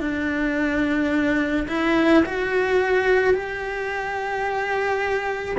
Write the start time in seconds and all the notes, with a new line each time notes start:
0.00 D4
1.68 E4
2.26 F#4
3.34 G4